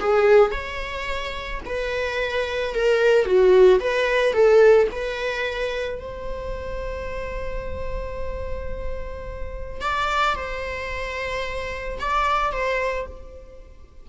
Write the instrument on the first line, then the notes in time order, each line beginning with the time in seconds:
viola
0.00 G#4
0.52 C#5
1.66 B4
2.75 A#4
3.26 F#4
3.81 B4
4.34 A4
4.92 B4
6.00 C5
9.82 D5
10.36 C5
12.00 D5
12.52 C5